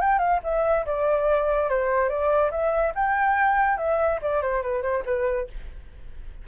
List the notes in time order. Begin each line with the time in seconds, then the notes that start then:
0.00 G5
0.18 F5
0.43 E5
0.85 D5
1.69 C5
2.08 D5
2.50 E5
2.95 G5
3.77 E5
4.21 D5
4.41 C5
4.62 B4
4.82 C5
5.05 B4